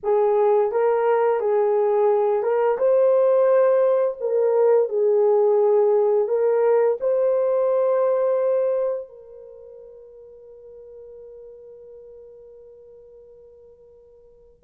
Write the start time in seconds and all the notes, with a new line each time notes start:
0.03 G#4
0.71 A#4
1.40 G#4
2.43 A#4
2.77 C5
4.20 A#4
4.88 G#4
6.28 A#4
7.00 C5
9.08 A#4